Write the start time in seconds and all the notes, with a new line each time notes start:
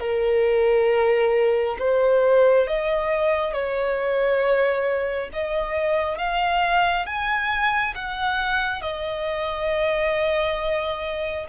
0.00 A#4
1.79 C5
2.67 D#5
3.53 C#5
5.33 D#5
6.18 F5
7.05 G#5
7.95 F#5
8.82 D#5